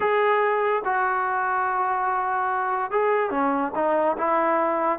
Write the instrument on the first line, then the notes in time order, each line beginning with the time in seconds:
trombone
0.00 G#4
0.84 F#4
2.91 G#4
3.30 C#4
3.75 D#4
4.17 E4